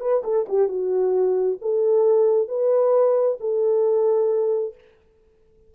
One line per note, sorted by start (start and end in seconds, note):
0.00 0.22 B4
0.23 0.46 A4
0.48 0.68 G4
0.68 1.57 F#4
1.61 2.48 A4
2.48 3.37 B4
3.40 4.74 A4